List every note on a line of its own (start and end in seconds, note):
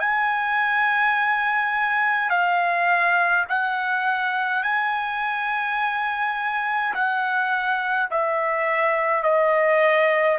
0.00 2.30 G#5
2.30 3.46 F5
3.49 4.64 F#5
4.64 6.94 G#5
6.94 8.10 F#5
8.11 9.23 E5
9.23 10.38 D#5